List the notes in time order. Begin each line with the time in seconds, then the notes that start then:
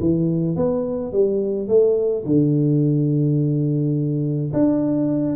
0.00 E3
0.56 B3
1.12 G3
1.68 A3
2.25 D3
4.53 D4